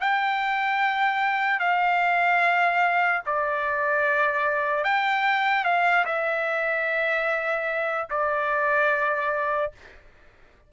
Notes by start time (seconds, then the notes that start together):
0.00 G5
1.60 F5
3.26 D5
4.84 G5
5.64 F5
6.05 E5
8.10 D5